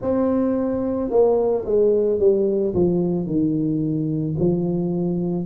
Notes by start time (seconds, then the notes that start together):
0.01 C4
1.10 A#3
1.65 G#3
2.19 G3
2.74 F3
3.26 D#3
4.39 F3